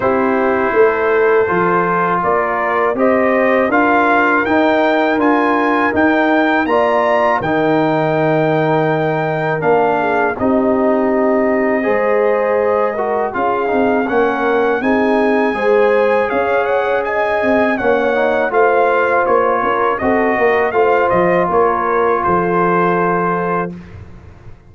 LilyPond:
<<
  \new Staff \with { instrumentName = "trumpet" } { \time 4/4 \tempo 4 = 81 c''2. d''4 | dis''4 f''4 g''4 gis''4 | g''4 ais''4 g''2~ | g''4 f''4 dis''2~ |
dis''2 f''4 fis''4 | gis''2 f''8 fis''8 gis''4 | fis''4 f''4 cis''4 dis''4 | f''8 dis''8 cis''4 c''2 | }
  \new Staff \with { instrumentName = "horn" } { \time 4/4 g'4 a'2 ais'4 | c''4 ais'2.~ | ais'4 d''4 ais'2~ | ais'4. gis'8 g'2 |
c''4. ais'8 gis'4 ais'4 | gis'4 c''4 cis''4 dis''4 | cis''4 c''4. ais'8 a'8 ais'8 | c''4 ais'4 a'2 | }
  \new Staff \with { instrumentName = "trombone" } { \time 4/4 e'2 f'2 | g'4 f'4 dis'4 f'4 | dis'4 f'4 dis'2~ | dis'4 d'4 dis'2 |
gis'4. fis'8 f'8 dis'8 cis'4 | dis'4 gis'2. | cis'8 dis'8 f'2 fis'4 | f'1 | }
  \new Staff \with { instrumentName = "tuba" } { \time 4/4 c'4 a4 f4 ais4 | c'4 d'4 dis'4 d'4 | dis'4 ais4 dis2~ | dis4 ais4 c'2 |
gis2 cis'8 c'8 ais4 | c'4 gis4 cis'4. c'8 | ais4 a4 ais8 cis'8 c'8 ais8 | a8 f8 ais4 f2 | }
>>